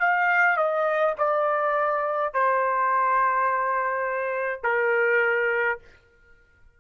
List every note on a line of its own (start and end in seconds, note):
0.00 0.57 F5
0.57 1.15 D#5
1.19 2.34 D5
2.34 4.64 C5
4.64 5.79 A#4